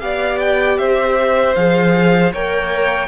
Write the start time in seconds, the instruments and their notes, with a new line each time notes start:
0.00 cello B3, viola G4, violin D5 F5
0.39 violin G5
0.78 cello C4, violin C5 E5
1.54 cello F3, viola G#4, violin F5
2.32 cello A#3, viola A#4, violin C#5 G5